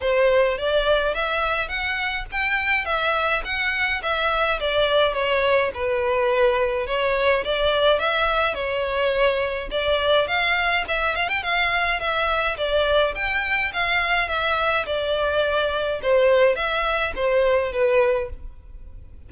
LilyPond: \new Staff \with { instrumentName = "violin" } { \time 4/4 \tempo 4 = 105 c''4 d''4 e''4 fis''4 | g''4 e''4 fis''4 e''4 | d''4 cis''4 b'2 | cis''4 d''4 e''4 cis''4~ |
cis''4 d''4 f''4 e''8 f''16 g''16 | f''4 e''4 d''4 g''4 | f''4 e''4 d''2 | c''4 e''4 c''4 b'4 | }